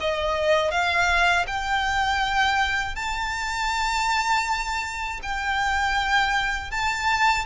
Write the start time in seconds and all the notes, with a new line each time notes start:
0.00 D#5
0.71 F5
1.47 G5
2.95 A5
5.22 G5
6.71 A5